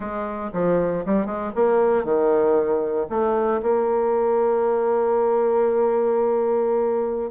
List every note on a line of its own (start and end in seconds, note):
0.00 0.50 G#3
0.53 1.04 F3
1.05 1.26 G3
1.26 1.51 G#3
1.55 2.04 A#3
2.04 3.06 D#3
3.09 3.60 A3
3.62 7.30 A#3